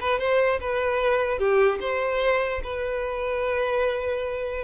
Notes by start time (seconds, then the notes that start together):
0.00 B4
0.19 C5
0.60 B4
1.38 G4
1.80 C5
2.63 B4